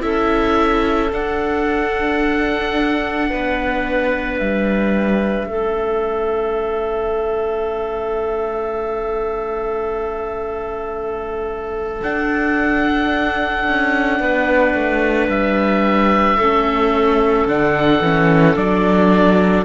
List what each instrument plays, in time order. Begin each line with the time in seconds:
0.00 cello C#4, viola E4, clarinet A4, oboe E5
1.12 viola D4, cello D4, oboe F#5
3.30 cello B3, clarinet B4
4.38 cello G3, oboe E5
5.46 cello A3, viola C#4, clarinet A4
12.02 viola D4, cello D4, oboe F#5
13.68 cello C#4
14.20 cello B3, clarinet B4
14.74 cello A3
15.28 cello G3, oboe E5
16.37 cello A3, viola C#4, clarinet A4
17.45 cello D3, viola D4, oboe F#5
18.01 cello E3, viola C#4
18.56 cello F#3, viola D4, oboe D5